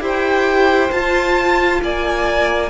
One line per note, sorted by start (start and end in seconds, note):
0.00 0.90 E4
0.00 0.90 G4
0.00 1.81 C5
0.00 0.91 G5
0.91 1.80 F4
0.91 2.69 F4
0.91 1.81 A5
1.82 2.69 A#3
1.82 2.69 D5
1.82 2.69 G#5